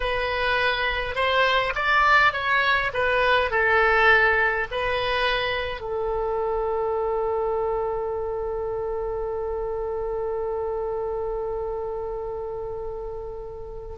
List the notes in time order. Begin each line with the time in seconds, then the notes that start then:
0.00 B4
1.15 C5
1.75 D5
2.32 C#5
2.93 B4
3.51 A4
4.71 B4
5.80 A4